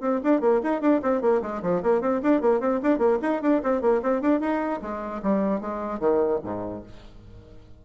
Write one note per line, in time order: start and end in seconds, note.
0.00 0.20 C4
0.23 0.40 D4
0.40 0.60 A#3
0.63 0.81 D#4
0.81 1.01 D4
1.02 1.21 C4
1.21 1.41 A#3
1.41 1.61 G#3
1.62 1.82 F3
1.82 2.01 A#3
2.01 2.21 C4
2.22 2.41 D4
2.41 2.60 A#3
2.60 2.80 C4
2.82 2.98 D4
2.98 3.18 A#3
3.21 3.41 D#4
3.42 3.62 D4
3.63 3.81 C4
3.81 4.01 A#3
4.02 4.21 C4
4.21 4.40 D4
4.40 4.80 D#4
4.81 5.21 G#3
5.22 5.60 G3
5.60 5.99 G#3
5.99 6.39 D#3
6.43 6.83 G#2